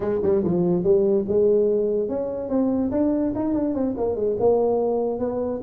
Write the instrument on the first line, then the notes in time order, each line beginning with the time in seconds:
tuba
0.00 G#3
0.23 G3
0.44 F3
0.83 G3
1.28 G#3
2.08 C#4
2.49 C4
2.91 D4
3.35 D#4
3.53 D4
3.74 C4
3.97 A#3
4.15 G#3
4.39 A#3
5.19 B3